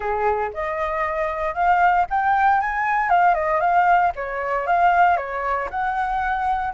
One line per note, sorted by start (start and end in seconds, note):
0.00 0.50 G#4
0.53 1.54 D#5
1.54 2.05 F5
2.10 2.60 G5
2.60 3.09 G#5
3.09 3.34 F5
3.34 3.60 D#5
3.60 4.11 F5
4.15 4.66 C#5
4.66 5.17 F5
5.17 5.68 C#5
5.70 6.73 F#5